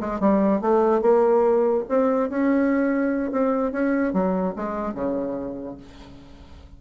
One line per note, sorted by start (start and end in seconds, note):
0.00 0.20 G#3
0.20 0.61 G3
0.61 1.01 A3
1.01 1.84 A#3
1.88 2.29 C4
2.29 3.31 C#4
3.31 3.72 C4
3.72 4.13 C#4
4.13 4.54 F#3
4.56 4.94 G#3
4.94 5.77 C#3